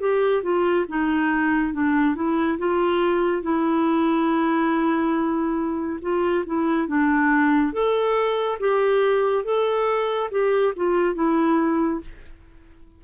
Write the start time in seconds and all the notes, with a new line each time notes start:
0.00 G4
0.43 F4
0.89 D#4
1.74 D4
2.15 E4
2.59 F4
3.43 E4
6.02 F4
6.46 E4
6.88 D4
7.73 A4
8.60 G4
9.44 A4
10.31 G4
10.76 F4
11.15 E4